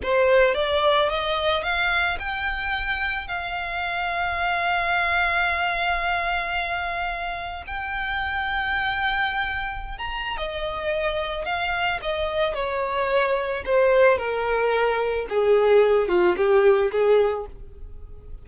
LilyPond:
\new Staff \with { instrumentName = "violin" } { \time 4/4 \tempo 4 = 110 c''4 d''4 dis''4 f''4 | g''2 f''2~ | f''1~ | f''2 g''2~ |
g''2~ g''16 ais''8. dis''4~ | dis''4 f''4 dis''4 cis''4~ | cis''4 c''4 ais'2 | gis'4. f'8 g'4 gis'4 | }